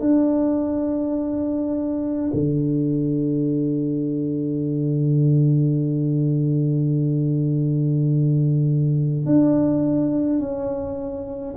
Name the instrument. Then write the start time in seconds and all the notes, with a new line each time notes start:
tuba
0.00 D4
2.33 D3
9.26 D4
10.39 C#4